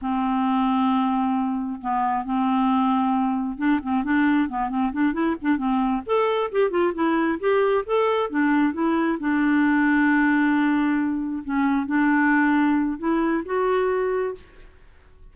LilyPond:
\new Staff \with { instrumentName = "clarinet" } { \time 4/4 \tempo 4 = 134 c'1 | b4 c'2. | d'8 c'8 d'4 b8 c'8 d'8 e'8 | d'8 c'4 a'4 g'8 f'8 e'8~ |
e'8 g'4 a'4 d'4 e'8~ | e'8 d'2.~ d'8~ | d'4. cis'4 d'4.~ | d'4 e'4 fis'2 | }